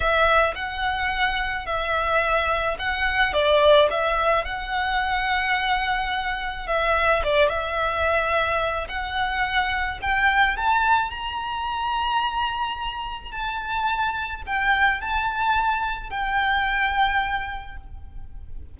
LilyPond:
\new Staff \with { instrumentName = "violin" } { \time 4/4 \tempo 4 = 108 e''4 fis''2 e''4~ | e''4 fis''4 d''4 e''4 | fis''1 | e''4 d''8 e''2~ e''8 |
fis''2 g''4 a''4 | ais''1 | a''2 g''4 a''4~ | a''4 g''2. | }